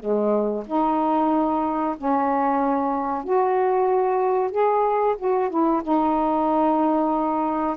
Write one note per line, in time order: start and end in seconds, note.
0.00 0.65 G#3
0.67 1.96 D#4
1.98 3.24 C#4
3.24 4.52 F#4
4.52 5.16 G#4
5.19 5.50 F#4
5.50 5.83 E4
5.84 7.77 D#4